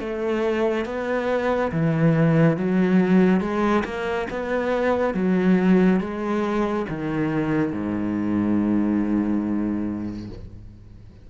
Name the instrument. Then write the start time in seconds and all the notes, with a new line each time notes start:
cello
0.00 A3
0.86 B3
1.72 E3
2.57 F#3
3.41 G#3
3.85 A#3
4.31 B3
5.15 F#3
6.00 G#3
6.89 D#3
7.73 G#2